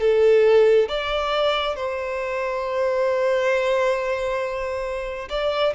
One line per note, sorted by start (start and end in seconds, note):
0.00 0.88 A4
0.88 1.75 D5
1.75 5.28 C5
5.29 5.73 D5